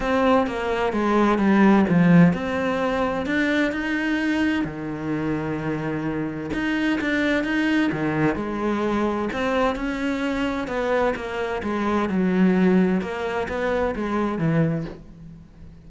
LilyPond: \new Staff \with { instrumentName = "cello" } { \time 4/4 \tempo 4 = 129 c'4 ais4 gis4 g4 | f4 c'2 d'4 | dis'2 dis2~ | dis2 dis'4 d'4 |
dis'4 dis4 gis2 | c'4 cis'2 b4 | ais4 gis4 fis2 | ais4 b4 gis4 e4 | }